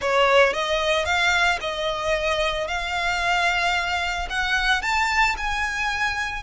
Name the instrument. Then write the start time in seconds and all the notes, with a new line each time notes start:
violin
0.01 C#5
0.53 D#5
1.05 F5
1.60 D#5
2.67 F5
4.29 F#5
4.82 A5
5.37 G#5